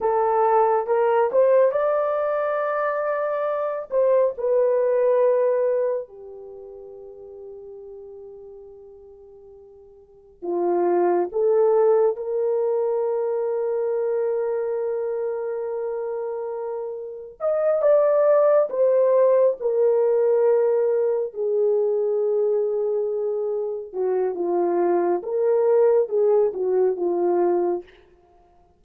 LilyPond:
\new Staff \with { instrumentName = "horn" } { \time 4/4 \tempo 4 = 69 a'4 ais'8 c''8 d''2~ | d''8 c''8 b'2 g'4~ | g'1 | f'4 a'4 ais'2~ |
ais'1 | dis''8 d''4 c''4 ais'4.~ | ais'8 gis'2. fis'8 | f'4 ais'4 gis'8 fis'8 f'4 | }